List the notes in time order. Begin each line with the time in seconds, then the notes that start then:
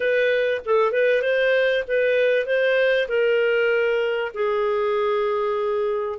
0.00 B4
0.65 A4
0.92 B4
1.22 C5
1.87 B4
2.46 C5
3.08 A#4
4.34 G#4